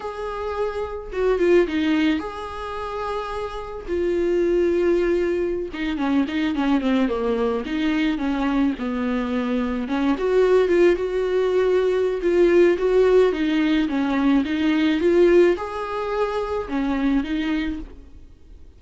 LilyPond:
\new Staff \with { instrumentName = "viola" } { \time 4/4 \tempo 4 = 108 gis'2 fis'8 f'8 dis'4 | gis'2. f'4~ | f'2~ f'16 dis'8 cis'8 dis'8 cis'16~ | cis'16 c'8 ais4 dis'4 cis'4 b16~ |
b4.~ b16 cis'8 fis'4 f'8 fis'16~ | fis'2 f'4 fis'4 | dis'4 cis'4 dis'4 f'4 | gis'2 cis'4 dis'4 | }